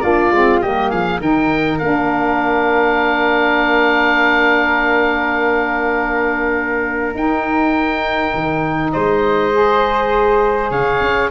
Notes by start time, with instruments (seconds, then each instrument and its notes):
0.00 tuba A#3, saxophone D4, flute F4, oboe D5
0.31 tuba G#3, saxophone C4
0.61 tuba G3, saxophone A#3, flute G4, oboe D#5
0.89 tuba F3, flute G#4, oboe F5
1.20 tuba D#3, saxophone D#4, flute A#4, oboe G5
1.78 tuba A#3, saxophone D4, oboe F5
7.14 tuba D#4, saxophone D#4, oboe G5
8.34 tuba D#3
8.91 tuba G#3, flute C5, oboe D#5
9.52 saxophone G#4
10.70 tuba C#3, flute C#5, oboe F5
11.00 tuba C#4